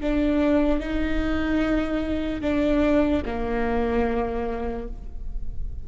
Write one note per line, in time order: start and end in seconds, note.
0.00 0.79 D4
0.79 2.41 D#4
2.41 3.22 D4
3.25 4.88 A#3